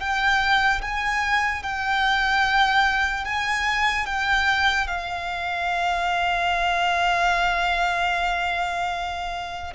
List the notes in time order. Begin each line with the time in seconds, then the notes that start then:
0.00 G5
0.81 G#5
1.63 G5
3.25 G#5
4.06 G5
4.87 F5